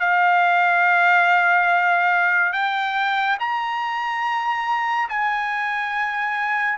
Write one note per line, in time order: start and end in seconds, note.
0.00 2.53 F5
2.53 3.37 G5
3.40 5.09 A#5
5.09 6.78 G#5